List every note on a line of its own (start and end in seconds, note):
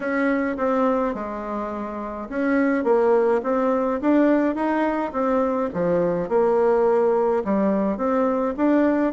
0.00 0.56 C#4
0.57 1.14 C4
1.14 2.29 G#3
2.29 2.84 C#4
2.84 3.41 A#3
3.43 4.00 C4
4.01 4.55 D4
4.55 5.12 D#4
5.12 5.69 C4
5.73 6.29 F3
6.29 7.43 A#3
7.44 7.97 G3
7.97 8.54 C4
8.56 9.13 D4